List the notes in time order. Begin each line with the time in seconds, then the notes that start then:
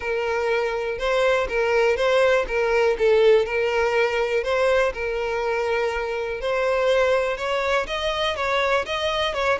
0.00 A#4
0.98 C5
1.48 A#4
1.96 C5
2.47 A#4
2.98 A4
3.45 A#4
4.43 C5
4.93 A#4
6.40 C5
7.37 C#5
7.86 D#5
8.36 C#5
8.85 D#5
9.34 C#5